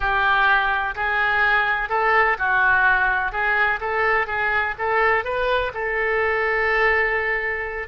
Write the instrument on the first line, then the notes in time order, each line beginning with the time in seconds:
oboe
0.00 G4
0.95 G#4
1.89 A4
2.38 F#4
3.32 G#4
3.80 A4
4.27 G#4
4.78 A4
5.24 B4
5.74 A4